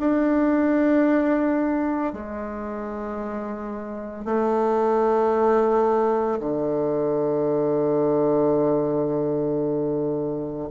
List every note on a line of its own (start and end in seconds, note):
0.00 2.13 D4
2.13 4.25 G#3
4.25 6.39 A3
6.40 10.69 D3